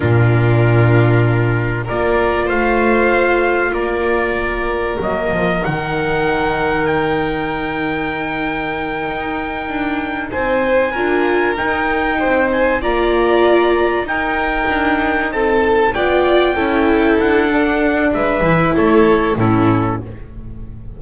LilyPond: <<
  \new Staff \with { instrumentName = "trumpet" } { \time 4/4 \tempo 4 = 96 ais'2. d''4 | f''2 d''2 | dis''4 fis''2 g''4~ | g''1~ |
g''8 gis''2 g''4. | gis''8 ais''2 g''4.~ | g''8 a''4 g''2 fis''8~ | fis''4 e''4 cis''4 a'4 | }
  \new Staff \with { instrumentName = "violin" } { \time 4/4 f'2. ais'4 | c''2 ais'2~ | ais'1~ | ais'1~ |
ais'8 c''4 ais'2 c''8~ | c''8 d''2 ais'4.~ | ais'8 a'4 d''4 a'4.~ | a'4 b'4 a'4 e'4 | }
  \new Staff \with { instrumentName = "viola" } { \time 4/4 d'2. f'4~ | f'1 | ais4 dis'2.~ | dis'1~ |
dis'4. f'4 dis'4.~ | dis'8 f'2 dis'4.~ | dis'4. f'4 e'4. | d'4. e'4. cis'4 | }
  \new Staff \with { instrumentName = "double bass" } { \time 4/4 ais,2. ais4 | a2 ais2 | fis8 f8 dis2.~ | dis2~ dis8 dis'4 d'8~ |
d'8 c'4 d'4 dis'4 c'8~ | c'8 ais2 dis'4 d'8~ | d'8 c'4 b4 cis'4 d'8~ | d'4 gis8 e8 a4 a,4 | }
>>